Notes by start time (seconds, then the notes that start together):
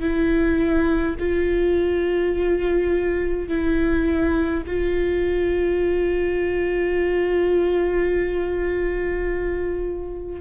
0.00 E4
1.19 F4
3.48 E4
4.66 F4